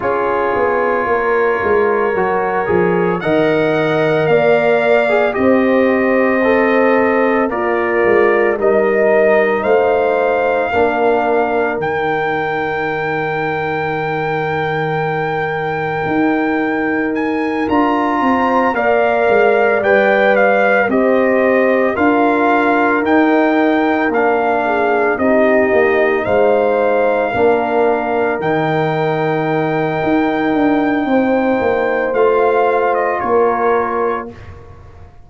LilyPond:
<<
  \new Staff \with { instrumentName = "trumpet" } { \time 4/4 \tempo 4 = 56 cis''2. fis''4 | f''4 dis''2 d''4 | dis''4 f''2 g''4~ | g''1 |
gis''8 ais''4 f''4 g''8 f''8 dis''8~ | dis''8 f''4 g''4 f''4 dis''8~ | dis''8 f''2 g''4.~ | g''2 f''8. dis''16 cis''4 | }
  \new Staff \with { instrumentName = "horn" } { \time 4/4 gis'4 ais'2 dis''4 | d''4 c''2 f'4 | ais'4 c''4 ais'2~ | ais'1~ |
ais'4 c''8 d''2 c''8~ | c''8 ais'2~ ais'8 gis'8 g'8~ | g'8 c''4 ais'2~ ais'8~ | ais'4 c''2 ais'4 | }
  \new Staff \with { instrumentName = "trombone" } { \time 4/4 f'2 fis'8 gis'8 ais'4~ | ais'8. gis'16 g'4 a'4 ais'4 | dis'2 d'4 dis'4~ | dis'1~ |
dis'8 f'4 ais'4 b'4 g'8~ | g'8 f'4 dis'4 d'4 dis'8~ | dis'4. d'4 dis'4.~ | dis'2 f'2 | }
  \new Staff \with { instrumentName = "tuba" } { \time 4/4 cis'8 b8 ais8 gis8 fis8 f8 dis4 | ais4 c'2 ais8 gis8 | g4 a4 ais4 dis4~ | dis2. dis'4~ |
dis'8 d'8 c'8 ais8 gis8 g4 c'8~ | c'8 d'4 dis'4 ais4 c'8 | ais8 gis4 ais4 dis4. | dis'8 d'8 c'8 ais8 a4 ais4 | }
>>